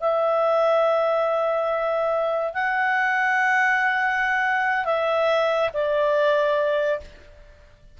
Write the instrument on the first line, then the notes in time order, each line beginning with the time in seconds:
clarinet
0.00 E5
2.54 F#5
4.85 E5
5.73 D5